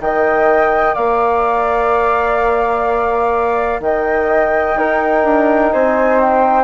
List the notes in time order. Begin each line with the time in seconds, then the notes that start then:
0.00 D#3 A#4 D#5 G5
0.94 A#3 D5 F5
3.80 D#3 D#5 G5
4.76 D#4 A#4
5.24 D4
5.72 C4 C5 G#5
6.20 G5